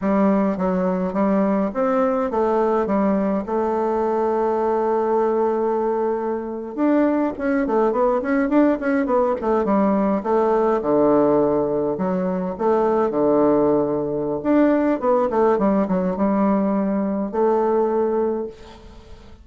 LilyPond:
\new Staff \with { instrumentName = "bassoon" } { \time 4/4 \tempo 4 = 104 g4 fis4 g4 c'4 | a4 g4 a2~ | a2.~ a8. d'16~ | d'8. cis'8 a8 b8 cis'8 d'8 cis'8 b16~ |
b16 a8 g4 a4 d4~ d16~ | d8. fis4 a4 d4~ d16~ | d4 d'4 b8 a8 g8 fis8 | g2 a2 | }